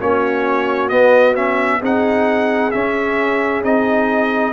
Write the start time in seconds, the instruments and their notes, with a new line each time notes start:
0.00 tuba A#3, trombone C#4, horn F#4, trumpet C#5
0.89 trombone B3, tuba B3, trumpet D#5
1.36 trombone C#4, trumpet E5
1.80 tuba C4, trombone D#4, horn G#4, trumpet F#5
2.72 trombone C#4, tuba C#4, trumpet E5
3.63 tuba C4, trombone D#4, trumpet D#5